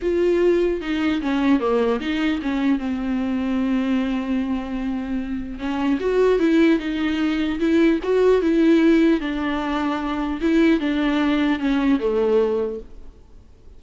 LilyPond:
\new Staff \with { instrumentName = "viola" } { \time 4/4 \tempo 4 = 150 f'2 dis'4 cis'4 | ais4 dis'4 cis'4 c'4~ | c'1~ | c'2 cis'4 fis'4 |
e'4 dis'2 e'4 | fis'4 e'2 d'4~ | d'2 e'4 d'4~ | d'4 cis'4 a2 | }